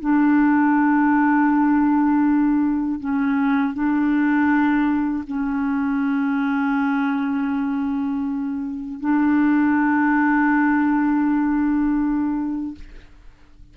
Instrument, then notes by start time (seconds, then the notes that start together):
clarinet
0.00 D4
2.99 C#4
3.73 D4
5.26 C#4
9.00 D4